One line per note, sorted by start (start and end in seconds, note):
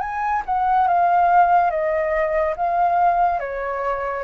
0.00 0.42 G#5
0.46 0.88 F#5
0.88 1.70 F5
1.70 2.55 D#5
2.57 3.40 F5
3.40 4.24 C#5